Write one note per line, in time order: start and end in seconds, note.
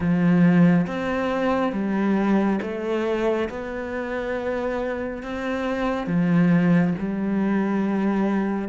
0.00 0.86 F3
0.87 1.72 C4
1.72 2.59 G3
2.61 3.48 A3
3.49 5.23 B3
5.23 6.07 C4
6.07 6.94 F3
6.98 8.68 G3